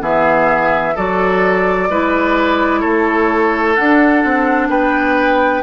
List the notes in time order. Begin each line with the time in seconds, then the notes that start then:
0.00 E3 B3 G#4 E5
0.95 F#3 F#4 A4 D5
1.90 G#3 E4 B4
2.80 A3 A4 C#5
3.75 D4 F#5
4.24 C4
4.69 B3 B4 G5